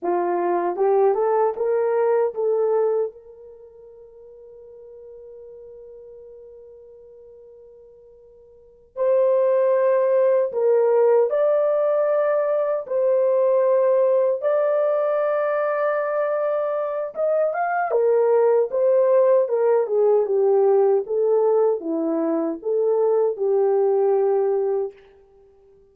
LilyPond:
\new Staff \with { instrumentName = "horn" } { \time 4/4 \tempo 4 = 77 f'4 g'8 a'8 ais'4 a'4 | ais'1~ | ais'2.~ ais'8 c''8~ | c''4. ais'4 d''4.~ |
d''8 c''2 d''4.~ | d''2 dis''8 f''8 ais'4 | c''4 ais'8 gis'8 g'4 a'4 | e'4 a'4 g'2 | }